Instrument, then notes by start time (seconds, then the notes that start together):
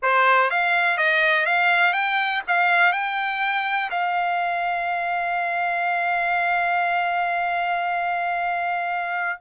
trumpet
0.02 C5
0.50 F5
0.97 D#5
1.46 F5
1.93 G5
2.47 F5
2.92 G5
3.90 F5